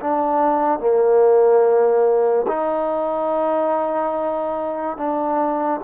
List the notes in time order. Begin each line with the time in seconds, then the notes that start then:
0.00 D4
0.79 A#3
2.47 D#4
4.97 D4